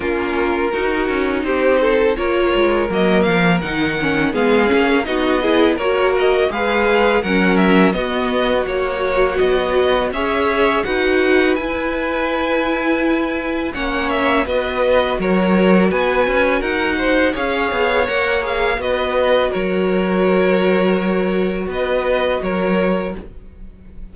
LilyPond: <<
  \new Staff \with { instrumentName = "violin" } { \time 4/4 \tempo 4 = 83 ais'2 c''4 cis''4 | dis''8 f''8 fis''4 f''4 dis''4 | cis''8 dis''8 f''4 fis''8 e''8 dis''4 | cis''4 dis''4 e''4 fis''4 |
gis''2. fis''8 e''8 | dis''4 cis''4 gis''4 fis''4 | f''4 fis''8 f''8 dis''4 cis''4~ | cis''2 dis''4 cis''4 | }
  \new Staff \with { instrumentName = "violin" } { \time 4/4 f'4 fis'4 g'8 a'8 ais'4~ | ais'2 gis'4 fis'8 gis'8 | ais'4 b'4 ais'4 fis'4~ | fis'2 cis''4 b'4~ |
b'2. cis''4 | b'4 ais'4 b'4 ais'8 c''8 | cis''2 b'4 ais'4~ | ais'2 b'4 ais'4 | }
  \new Staff \with { instrumentName = "viola" } { \time 4/4 cis'4 dis'2 f'4 | ais4 dis'8 cis'8 b8 cis'8 dis'8 e'8 | fis'4 gis'4 cis'4 b4 | fis2 gis'4 fis'4 |
e'2. cis'4 | fis'1 | gis'4 ais'8 gis'8 fis'2~ | fis'1 | }
  \new Staff \with { instrumentName = "cello" } { \time 4/4 ais4 dis'8 cis'8 c'4 ais8 gis8 | fis8 f8 dis4 gis8 ais8 b4 | ais4 gis4 fis4 b4 | ais4 b4 cis'4 dis'4 |
e'2. ais4 | b4 fis4 b8 cis'8 dis'4 | cis'8 b8 ais4 b4 fis4~ | fis2 b4 fis4 | }
>>